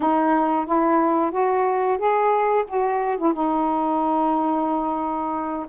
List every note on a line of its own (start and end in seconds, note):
0.00 0.65 D#4
0.65 1.31 E4
1.31 1.98 F#4
1.98 2.64 G#4
2.67 3.17 F#4
3.17 3.33 E4
3.33 5.66 D#4